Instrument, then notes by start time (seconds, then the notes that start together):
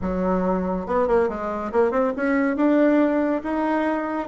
bassoon
0.01 F#3
0.86 B3
1.07 A#3
1.28 G#3
1.72 A#3
1.91 C4
2.16 C#4
2.56 D4
3.43 D#4